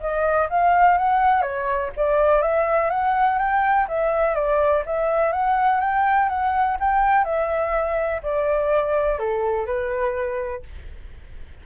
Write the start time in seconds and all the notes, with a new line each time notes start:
0.00 D#5
0.49 F5
0.97 F#5
1.42 C#5
1.96 D5
2.42 E5
2.90 F#5
3.38 G5
3.88 E5
4.35 D5
4.86 E5
5.32 F#5
5.80 G5
6.29 F#5
6.80 G5
7.24 E5
8.23 D5
9.19 A4
9.66 B4